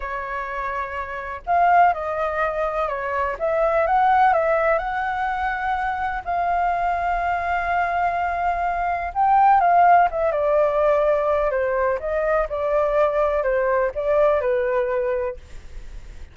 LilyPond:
\new Staff \with { instrumentName = "flute" } { \time 4/4 \tempo 4 = 125 cis''2. f''4 | dis''2 cis''4 e''4 | fis''4 e''4 fis''2~ | fis''4 f''2.~ |
f''2. g''4 | f''4 e''8 d''2~ d''8 | c''4 dis''4 d''2 | c''4 d''4 b'2 | }